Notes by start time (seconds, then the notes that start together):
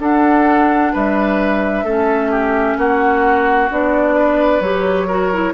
0.00 D4 A4 F#5
0.93 G3 B4 E5
1.84 A3 C#4 A4
2.31 G4
2.77 A#3 F#4 F#5
3.71 B3 D4 D5
4.16 B4
4.61 F#3 G4 C#5
5.07 F#4 A#4
5.34 E4